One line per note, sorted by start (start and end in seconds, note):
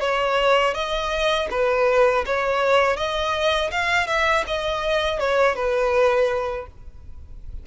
0.00 0.74 C#5
0.74 1.48 D#5
1.50 2.24 B4
2.25 2.96 C#5
2.96 3.70 D#5
3.71 4.07 F5
4.07 4.44 E5
4.47 5.19 D#5
5.19 5.55 C#5
5.55 6.66 B4